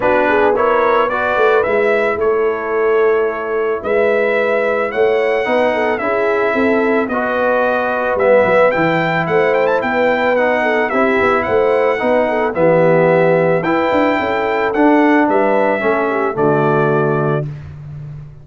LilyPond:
<<
  \new Staff \with { instrumentName = "trumpet" } { \time 4/4 \tempo 4 = 110 b'4 cis''4 d''4 e''4 | cis''2. e''4~ | e''4 fis''2 e''4~ | e''4 dis''2 e''4 |
g''4 fis''8 g''16 a''16 g''4 fis''4 | e''4 fis''2 e''4~ | e''4 g''2 fis''4 | e''2 d''2 | }
  \new Staff \with { instrumentName = "horn" } { \time 4/4 fis'8 gis'8 ais'4 b'2 | a'2. b'4~ | b'4 cis''4 b'8 a'8 gis'4 | a'4 b'2.~ |
b'4 c''4 b'4. a'8 | g'4 c''4 b'8 a'8 g'4~ | g'4 b'4 a'2 | b'4 a'8 g'8 fis'2 | }
  \new Staff \with { instrumentName = "trombone" } { \time 4/4 d'4 e'4 fis'4 e'4~ | e'1~ | e'2 dis'4 e'4~ | e'4 fis'2 b4 |
e'2. dis'4 | e'2 dis'4 b4~ | b4 e'2 d'4~ | d'4 cis'4 a2 | }
  \new Staff \with { instrumentName = "tuba" } { \time 4/4 b2~ b8 a8 gis4 | a2. gis4~ | gis4 a4 b4 cis'4 | c'4 b2 g8 fis8 |
e4 a4 b2 | c'8 b8 a4 b4 e4~ | e4 e'8 d'8 cis'4 d'4 | g4 a4 d2 | }
>>